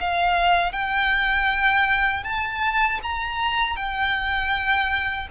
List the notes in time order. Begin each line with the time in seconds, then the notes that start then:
0.00 F5
0.72 G5
2.24 A5
3.02 A#5
3.76 G5